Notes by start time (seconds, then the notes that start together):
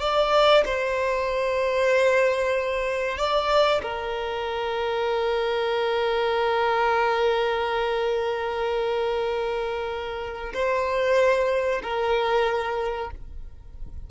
0.00 D5
0.65 C5
3.17 D5
3.82 A#4
10.53 C5
11.83 A#4